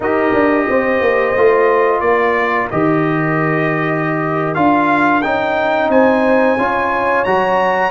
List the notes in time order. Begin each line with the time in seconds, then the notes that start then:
0.00 D#4 G4 A#4 D#5
0.33 D4
0.69 C4 C5
1.01 A#3
1.35 A3 F4
2.00 A#3 A#4 D5
2.70 D#3 G4 D#5
4.54 D4 F4 F5
5.22 C#4 D#4 G5
5.88 C4 C5 G#5
6.57 C#4 F4 C#5
7.24 F#3 F#4 A#5